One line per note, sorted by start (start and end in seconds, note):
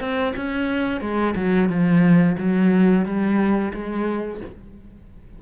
0.00 0.34 C4
0.36 1.01 C#4
1.01 1.35 G#3
1.36 1.69 F#3
1.69 2.37 F3
2.38 3.05 F#3
3.05 3.73 G3
3.74 4.41 G#3